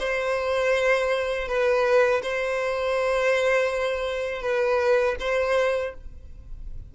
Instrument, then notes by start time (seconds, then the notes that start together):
violin
0.00 C5
1.48 B4
2.23 C5
4.42 B4
5.20 C5